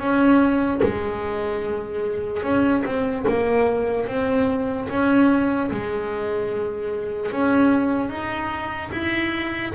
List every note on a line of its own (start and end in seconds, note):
0.00 0.81 C#4
0.83 2.43 G#3
2.43 2.84 C#4
2.85 3.26 C4
3.28 4.08 A#3
4.08 4.89 C4
4.90 5.71 C#4
5.71 7.32 G#3
7.32 8.10 C#4
8.10 8.91 D#4
8.92 9.73 E4